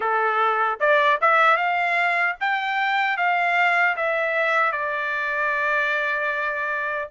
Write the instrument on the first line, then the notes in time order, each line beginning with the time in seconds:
trumpet
0.00 A4
0.80 D5
1.21 E5
1.56 F5
2.40 G5
3.17 F5
3.96 E5
4.72 D5